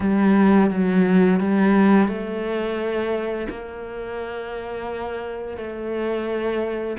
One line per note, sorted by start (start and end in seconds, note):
0.00 0.70 G3
0.70 1.40 F#3
1.40 2.08 G3
2.08 3.47 A3
3.49 5.57 A#3
5.57 6.96 A3